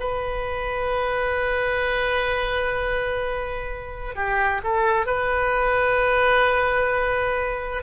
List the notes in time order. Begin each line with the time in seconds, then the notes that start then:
0.00 B4
4.15 G4
4.64 A4
5.06 B4